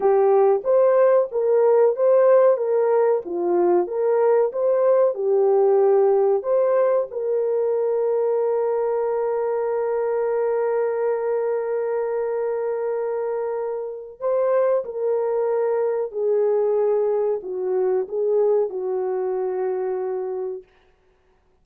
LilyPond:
\new Staff \with { instrumentName = "horn" } { \time 4/4 \tempo 4 = 93 g'4 c''4 ais'4 c''4 | ais'4 f'4 ais'4 c''4 | g'2 c''4 ais'4~ | ais'1~ |
ais'1~ | ais'2 c''4 ais'4~ | ais'4 gis'2 fis'4 | gis'4 fis'2. | }